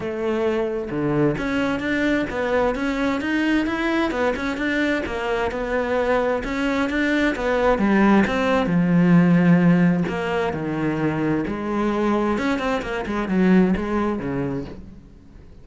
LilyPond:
\new Staff \with { instrumentName = "cello" } { \time 4/4 \tempo 4 = 131 a2 d4 cis'4 | d'4 b4 cis'4 dis'4 | e'4 b8 cis'8 d'4 ais4 | b2 cis'4 d'4 |
b4 g4 c'4 f4~ | f2 ais4 dis4~ | dis4 gis2 cis'8 c'8 | ais8 gis8 fis4 gis4 cis4 | }